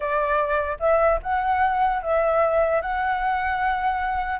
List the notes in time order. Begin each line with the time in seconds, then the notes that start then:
0.00 D5
0.79 E5
1.22 F#5
2.02 E5
2.81 F#5